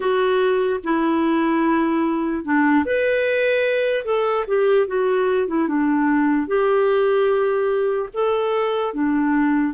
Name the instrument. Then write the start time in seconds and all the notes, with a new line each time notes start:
clarinet
0.00 F#4
0.83 E4
2.44 D4
2.85 B4
4.04 A4
4.47 G4
4.87 F#4
5.47 E4
5.68 D4
6.46 G4
8.13 A4
8.93 D4